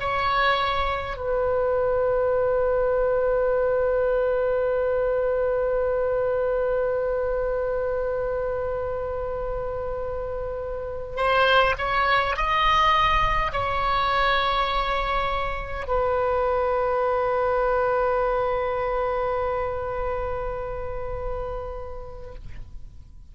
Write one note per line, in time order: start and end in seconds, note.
0.00 1.17 C#5
1.17 11.17 B4
11.17 11.75 C5
11.78 12.36 C#5
12.36 13.53 D#5
13.53 15.88 C#5
15.88 22.35 B4